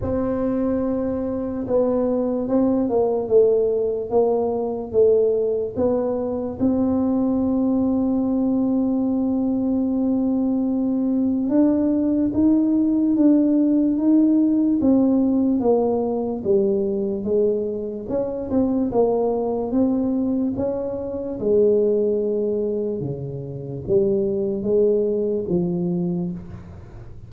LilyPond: \new Staff \with { instrumentName = "tuba" } { \time 4/4 \tempo 4 = 73 c'2 b4 c'8 ais8 | a4 ais4 a4 b4 | c'1~ | c'2 d'4 dis'4 |
d'4 dis'4 c'4 ais4 | g4 gis4 cis'8 c'8 ais4 | c'4 cis'4 gis2 | cis4 g4 gis4 f4 | }